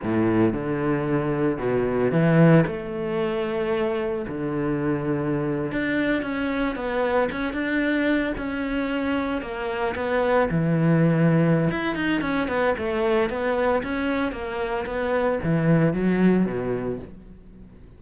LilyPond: \new Staff \with { instrumentName = "cello" } { \time 4/4 \tempo 4 = 113 a,4 d2 b,4 | e4 a2. | d2~ d8. d'4 cis'16~ | cis'8. b4 cis'8 d'4. cis'16~ |
cis'4.~ cis'16 ais4 b4 e16~ | e2 e'8 dis'8 cis'8 b8 | a4 b4 cis'4 ais4 | b4 e4 fis4 b,4 | }